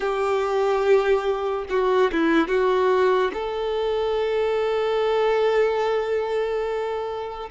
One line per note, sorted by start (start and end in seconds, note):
0.00 1.64 G4
1.69 2.11 F#4
2.11 2.48 E4
2.48 3.31 F#4
3.33 7.49 A4